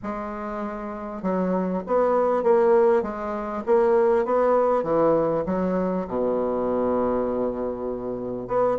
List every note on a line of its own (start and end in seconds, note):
0.02 1.22 G#3
1.22 1.83 F#3
1.86 2.43 B3
2.43 3.02 A#3
3.02 3.63 G#3
3.66 4.25 A#3
4.25 4.83 B3
4.83 5.44 E3
5.46 6.06 F#3
6.07 8.47 B2
8.47 8.77 B3